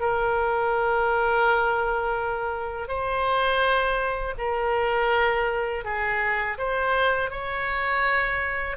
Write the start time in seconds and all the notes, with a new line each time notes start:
0.00 A#4
2.88 C5
4.38 A#4
5.84 G#4
6.58 C5
7.31 C#5